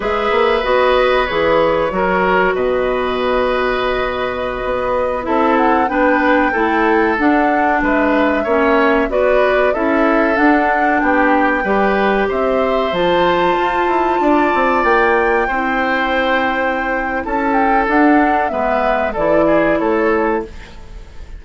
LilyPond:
<<
  \new Staff \with { instrumentName = "flute" } { \time 4/4 \tempo 4 = 94 e''4 dis''4 cis''2 | dis''1~ | dis''16 e''8 fis''8 g''2 fis''8.~ | fis''16 e''2 d''4 e''8.~ |
e''16 fis''4 g''2 e''8.~ | e''16 a''2. g''8.~ | g''2. a''8 g''8 | fis''4 e''4 d''4 cis''4 | }
  \new Staff \with { instrumentName = "oboe" } { \time 4/4 b'2. ais'4 | b'1~ | b'16 a'4 b'4 a'4.~ a'16~ | a'16 b'4 cis''4 b'4 a'8.~ |
a'4~ a'16 g'4 b'4 c''8.~ | c''2~ c''16 d''4.~ d''16~ | d''16 c''2~ c''8. a'4~ | a'4 b'4 a'8 gis'8 a'4 | }
  \new Staff \with { instrumentName = "clarinet" } { \time 4/4 gis'4 fis'4 gis'4 fis'4~ | fis'1~ | fis'16 e'4 d'4 e'4 d'8.~ | d'4~ d'16 cis'4 fis'4 e'8.~ |
e'16 d'2 g'4.~ g'16~ | g'16 f'2.~ f'8.~ | f'16 e'2.~ e'8. | d'4 b4 e'2 | }
  \new Staff \with { instrumentName = "bassoon" } { \time 4/4 gis8 ais8 b4 e4 fis4 | b,2.~ b,16 b8.~ | b16 c'4 b4 a4 d'8.~ | d'16 gis4 ais4 b4 cis'8.~ |
cis'16 d'4 b4 g4 c'8.~ | c'16 f4 f'8 e'8 d'8 c'8 ais8.~ | ais16 c'2~ c'8. cis'4 | d'4 gis4 e4 a4 | }
>>